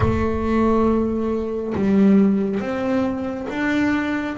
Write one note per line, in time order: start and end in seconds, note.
0.00 1.74 A3
1.74 2.60 G3
2.60 3.47 C4
3.49 4.36 D4